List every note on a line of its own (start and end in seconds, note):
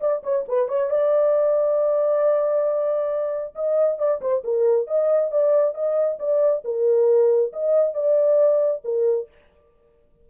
0.00 0.22 D5
0.23 0.45 C#5
0.48 0.68 B4
0.68 0.90 C#5
0.90 3.55 D5
3.55 3.98 D#5
3.98 4.20 D5
4.21 4.43 C5
4.44 4.87 A#4
4.87 5.31 D#5
5.31 5.74 D5
5.74 6.18 D#5
6.19 6.63 D5
6.64 7.52 A#4
7.52 7.94 D#5
7.94 8.82 D5
8.84 9.28 A#4